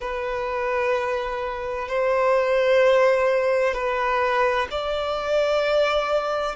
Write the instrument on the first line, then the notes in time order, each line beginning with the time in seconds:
violin
0.00 B4
1.88 C5
3.74 B4
4.70 D5